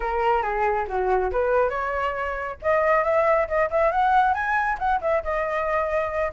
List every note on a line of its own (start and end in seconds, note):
0.00 0.42 A#4
0.42 0.86 G#4
0.87 1.31 F#4
1.31 1.69 B4
1.69 2.56 C#5
2.62 3.04 D#5
3.04 3.47 E5
3.47 3.69 D#5
3.70 3.91 E5
3.91 4.34 F#5
4.34 4.77 G#5
4.78 5.00 F#5
5.01 5.23 E5
5.23 6.32 D#5